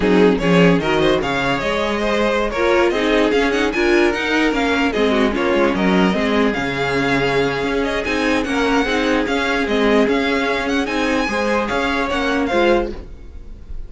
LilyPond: <<
  \new Staff \with { instrumentName = "violin" } { \time 4/4 \tempo 4 = 149 gis'4 cis''4 dis''4 f''4 | dis''2~ dis''16 cis''4 dis''8.~ | dis''16 f''8 fis''8 gis''4 fis''4 f''8.~ | f''16 dis''4 cis''4 dis''4.~ dis''16~ |
dis''16 f''2.~ f''16 dis''8 | gis''4 fis''2 f''4 | dis''4 f''4. fis''8 gis''4~ | gis''4 f''4 fis''4 f''4 | }
  \new Staff \with { instrumentName = "violin" } { \time 4/4 dis'4 gis'4 ais'8 c''8 cis''4~ | cis''4 c''4~ c''16 ais'4 gis'8.~ | gis'4~ gis'16 ais'2~ ais'8.~ | ais'16 gis'8 fis'8 f'4 ais'4 gis'8.~ |
gis'1~ | gis'4 ais'4 gis'2~ | gis'1 | c''4 cis''2 c''4 | }
  \new Staff \with { instrumentName = "viola" } { \time 4/4 c'4 cis'4 fis'4 gis'4~ | gis'2~ gis'16 f'4 dis'8.~ | dis'16 cis'8 dis'8 f'4 dis'4 cis'8.~ | cis'16 c'4 cis'2 c'8.~ |
c'16 cis'2.~ cis'8. | dis'4 cis'4 dis'4 cis'4 | c'4 cis'2 dis'4 | gis'2 cis'4 f'4 | }
  \new Staff \with { instrumentName = "cello" } { \time 4/4 fis4 f4 dis4 cis4 | gis2~ gis16 ais4 c'8.~ | c'16 cis'4 d'4 dis'4 ais8.~ | ais16 gis4 ais8 gis8 fis4 gis8.~ |
gis16 cis2~ cis8. cis'4 | c'4 ais4 c'4 cis'4 | gis4 cis'2 c'4 | gis4 cis'4 ais4 gis4 | }
>>